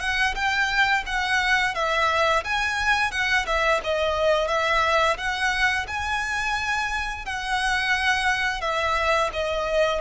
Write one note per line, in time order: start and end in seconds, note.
0.00 0.34 F#5
0.35 1.04 G5
1.06 1.75 F#5
1.75 2.44 E5
2.44 3.12 G#5
3.12 3.46 F#5
3.46 3.81 E5
3.84 4.48 D#5
4.48 5.17 E5
5.18 5.87 F#5
5.87 7.25 G#5
7.25 8.61 F#5
8.61 9.30 E5
9.33 10.01 D#5